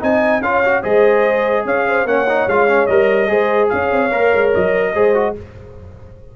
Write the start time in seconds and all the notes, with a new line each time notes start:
0.00 C4 D#4 D#5 G#5
0.41 C#4 F4 C#5 F5
0.65 F#4
0.82 G#3 G#4 C5 D#5
1.65 C#4 C#5 F5
1.87 C5
2.05 A#3 C#4 C#5 F#5
2.29 D#4
2.47 G#3 F4 F5
2.68 C#4
2.86 G3 A#4 D#5
3.28 G#3 G#4 C5
3.69 C#4 C#5 F5
3.92 C4
4.11 A#3 A#4
4.33 G#3
4.54 F#3 D#5
4.94 G#3 G#4 C5
5.14 F#4